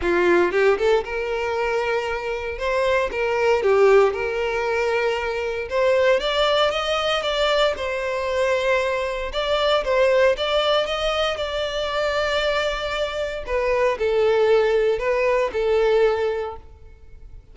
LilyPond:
\new Staff \with { instrumentName = "violin" } { \time 4/4 \tempo 4 = 116 f'4 g'8 a'8 ais'2~ | ais'4 c''4 ais'4 g'4 | ais'2. c''4 | d''4 dis''4 d''4 c''4~ |
c''2 d''4 c''4 | d''4 dis''4 d''2~ | d''2 b'4 a'4~ | a'4 b'4 a'2 | }